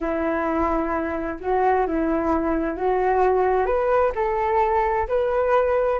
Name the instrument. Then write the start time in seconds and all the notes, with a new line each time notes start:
flute
0.00 E4
1.40 F#4
1.87 E4
2.77 F#4
3.66 B4
4.15 A4
5.07 B4